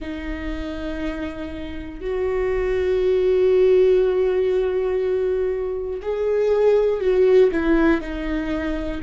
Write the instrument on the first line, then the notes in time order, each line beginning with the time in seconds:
viola
0.00 D#4
2.00 F#4
6.01 G#4
7.00 F#4
7.51 E4
8.00 D#4